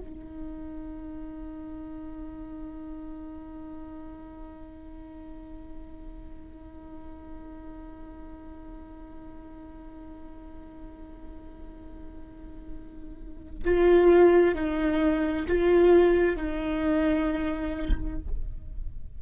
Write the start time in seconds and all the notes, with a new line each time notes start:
0.00 D#4
13.65 F4
14.55 D#4
15.48 F4
16.37 D#4